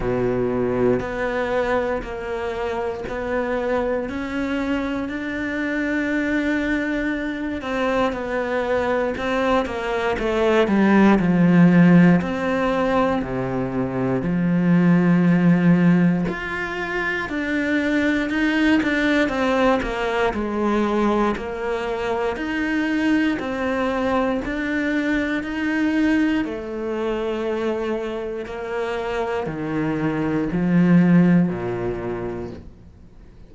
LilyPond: \new Staff \with { instrumentName = "cello" } { \time 4/4 \tempo 4 = 59 b,4 b4 ais4 b4 | cis'4 d'2~ d'8 c'8 | b4 c'8 ais8 a8 g8 f4 | c'4 c4 f2 |
f'4 d'4 dis'8 d'8 c'8 ais8 | gis4 ais4 dis'4 c'4 | d'4 dis'4 a2 | ais4 dis4 f4 ais,4 | }